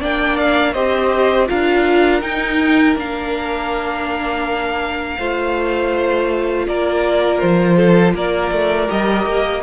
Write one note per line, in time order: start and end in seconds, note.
0.00 0.75 A#3
0.00 0.74 D4
0.00 0.74 D5
0.00 0.37 G5
0.37 0.73 F5
0.73 1.49 C4
0.73 1.47 G4
0.73 1.48 C5
0.73 1.48 D#5
1.47 2.22 D4
1.47 2.21 F4
1.47 5.18 A#4
1.47 2.21 F5
2.21 2.96 D#4
2.21 2.96 G5
2.96 5.18 A#3
2.96 5.19 D4
2.96 6.68 F5
5.18 6.67 A3
5.18 8.87 F4
5.18 6.66 C5
6.68 7.42 A#3
6.68 7.77 A#4
6.68 7.40 D5
7.40 8.14 F3
7.40 8.14 C5
7.77 8.14 A4
8.14 8.51 A#3
8.14 9.63 A#4
8.14 8.91 D5
8.52 8.89 A3
8.87 9.26 G3
8.87 9.62 G4
8.87 9.63 D#5
9.26 9.63 A#3